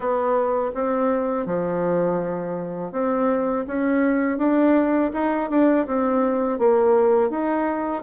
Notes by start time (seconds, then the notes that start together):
0.00 B3
0.74 C4
1.46 F3
2.91 C4
3.67 C#4
4.38 D4
5.13 D#4
5.49 D4
5.87 C4
6.59 A#3
7.30 D#4